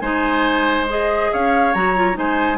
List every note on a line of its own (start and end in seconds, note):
0.00 1.31 G#3
0.00 0.88 D#4
0.00 1.31 C5
0.00 0.86 G#5
0.88 1.75 G#4
0.88 1.33 D#5
1.33 1.75 C#4
1.33 2.18 C#5
1.33 1.74 F5
1.74 2.17 F#3
1.74 1.96 F#4
1.74 2.17 A#5
1.96 2.14 F4
2.14 2.58 G#3
2.14 2.57 D#4
2.14 2.58 C5
2.14 2.58 G#5